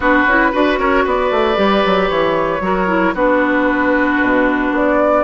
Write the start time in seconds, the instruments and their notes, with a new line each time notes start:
0.00 bassoon B3, clarinet D4, oboe F#4, flute B4
0.26 bassoon C#4, clarinet E4
0.52 bassoon D4, clarinet F#4, oboe B4
0.78 bassoon C#4, oboe A#4, flute C#5
1.04 bassoon B3, oboe B4, flute D5
1.30 bassoon A3
1.55 bassoon G3, clarinet G4
1.84 bassoon F#3
2.09 bassoon E3, flute C#5
2.60 bassoon F#3, clarinet F#4, oboe A#4
2.87 clarinet E4
3.14 bassoon B3, clarinet D4, oboe F#4, flute B4
4.21 bassoon B2
4.71 bassoon B3, flute D5